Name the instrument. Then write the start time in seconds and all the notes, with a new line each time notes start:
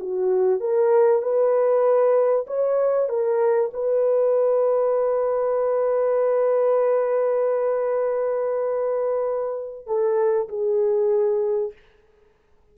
horn
0.00 F#4
0.61 A#4
1.23 B4
2.47 C#5
3.09 A#4
3.74 B4
9.87 A4
10.49 G#4